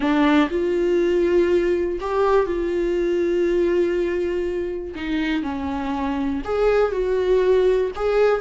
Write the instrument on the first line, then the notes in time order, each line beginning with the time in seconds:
viola
0.00 D4
0.50 F4
2.00 G4
2.46 F4
4.95 D#4
5.43 C#4
6.44 G#4
6.92 F#4
7.95 G#4